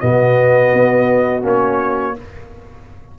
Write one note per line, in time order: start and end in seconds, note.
0.00 0.73 B2
0.00 1.42 B3
0.00 2.17 F#4
0.00 1.43 D#5
0.73 1.43 B3
1.42 2.15 A#3
1.42 2.14 C#4
1.42 2.19 C#5